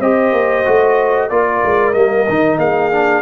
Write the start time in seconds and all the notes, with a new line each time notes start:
0.00 C4 G4 C5 D#5
0.32 A#3
0.65 A3 F#4
1.29 A#3 F4 A#4 D5
1.65 G#3
1.94 G3 A#3 D#5
2.29 D#3 D#4
2.58 A#3 G#4 F5
2.92 D4